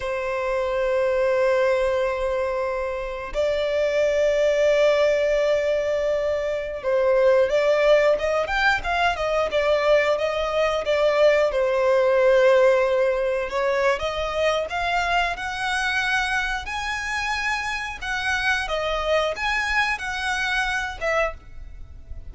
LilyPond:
\new Staff \with { instrumentName = "violin" } { \time 4/4 \tempo 4 = 90 c''1~ | c''4 d''2.~ | d''2~ d''16 c''4 d''8.~ | d''16 dis''8 g''8 f''8 dis''8 d''4 dis''8.~ |
dis''16 d''4 c''2~ c''8.~ | c''16 cis''8. dis''4 f''4 fis''4~ | fis''4 gis''2 fis''4 | dis''4 gis''4 fis''4. e''8 | }